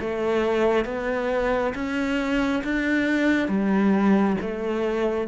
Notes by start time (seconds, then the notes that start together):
0.00 A3
0.85 B3
1.75 C#4
2.64 D4
3.49 G3
4.41 A3